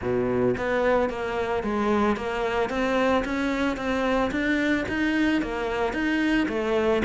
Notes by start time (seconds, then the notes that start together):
0.01 B2
0.57 B3
1.09 A#3
1.63 G#3
2.16 A#3
2.69 C4
3.25 C#4
3.76 C4
4.31 D4
4.88 D#4
5.42 A#3
5.93 D#4
6.48 A3